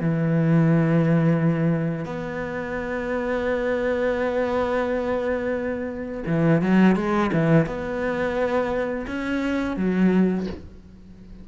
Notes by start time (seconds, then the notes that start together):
0.00 E3
2.05 B3
6.26 E3
6.61 F#3
6.95 G#3
7.33 E3
7.66 B3
9.06 C#4
9.76 F#3